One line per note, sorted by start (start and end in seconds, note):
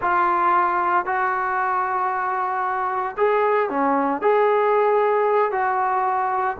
0.01 1.05 F4
1.05 3.16 F#4
3.17 3.69 G#4
3.69 4.21 C#4
4.21 5.51 G#4
5.51 6.56 F#4